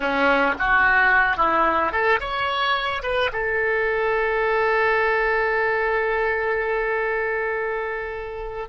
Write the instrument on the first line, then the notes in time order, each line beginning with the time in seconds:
oboe
0.00 C#4
0.58 F#4
1.36 E4
1.91 A4
2.19 C#5
3.03 B4
3.32 A4